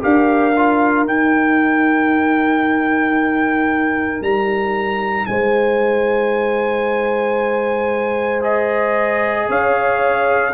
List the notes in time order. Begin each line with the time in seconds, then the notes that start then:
0.00 D4 G4 A#4 F5
0.57 F4
1.06 D#4 G5
4.21 G3 A#5
5.26 G#3 C5 G#5
8.41 G#4 D#5
9.48 C#4 C#5 F5